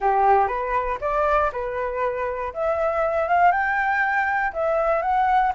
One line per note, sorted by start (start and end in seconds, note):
0.00 0.47 G4
0.47 0.97 B4
1.01 1.51 D5
1.52 2.53 B4
2.53 3.28 E5
3.28 3.51 F5
3.51 4.52 G5
4.53 5.02 E5
5.02 5.52 F#5